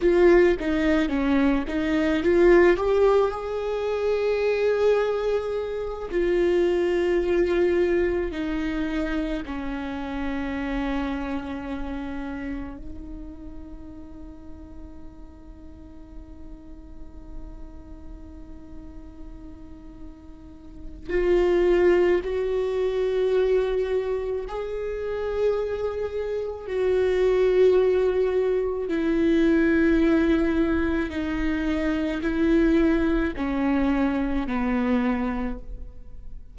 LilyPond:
\new Staff \with { instrumentName = "viola" } { \time 4/4 \tempo 4 = 54 f'8 dis'8 cis'8 dis'8 f'8 g'8 gis'4~ | gis'4. f'2 dis'8~ | dis'8 cis'2. dis'8~ | dis'1~ |
dis'2. f'4 | fis'2 gis'2 | fis'2 e'2 | dis'4 e'4 cis'4 b4 | }